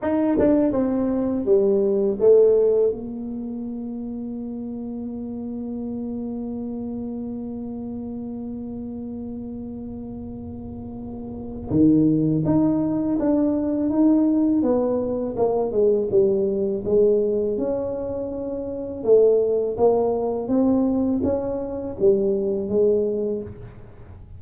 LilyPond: \new Staff \with { instrumentName = "tuba" } { \time 4/4 \tempo 4 = 82 dis'8 d'8 c'4 g4 a4 | ais1~ | ais1~ | ais1 |
dis4 dis'4 d'4 dis'4 | b4 ais8 gis8 g4 gis4 | cis'2 a4 ais4 | c'4 cis'4 g4 gis4 | }